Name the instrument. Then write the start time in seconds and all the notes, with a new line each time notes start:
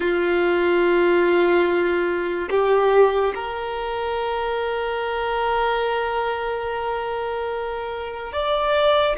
violin
0.00 F4
2.50 G4
3.34 A#4
8.32 D5